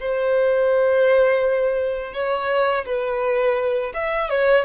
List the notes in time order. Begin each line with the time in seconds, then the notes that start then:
0.00 C5
2.14 C#5
2.86 B4
3.94 E5
4.30 C#5